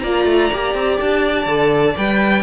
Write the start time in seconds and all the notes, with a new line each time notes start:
0.00 A#3 F4 D5 A#5
0.25 A3
0.52 A#3 G4
0.74 C4
0.99 D4 A5
1.46 D3 A4
1.97 G3 B4 G5